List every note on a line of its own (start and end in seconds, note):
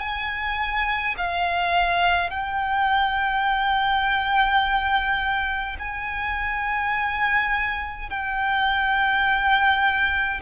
0.00 1.15 G#5
1.17 2.31 F5
2.31 5.77 G5
5.79 8.10 G#5
8.10 10.41 G5